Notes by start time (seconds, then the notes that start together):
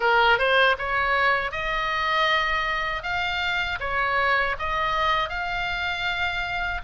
0.00 A#4
0.38 C5
0.78 C#5
1.51 D#5
3.02 F5
3.80 C#5
4.58 D#5
5.29 F5